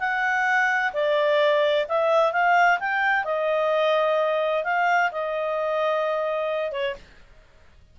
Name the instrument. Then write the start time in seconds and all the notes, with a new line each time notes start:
clarinet
0.00 F#5
0.94 D5
1.89 E5
2.33 F5
2.80 G5
3.25 D#5
4.65 F5
5.12 D#5
6.72 C#5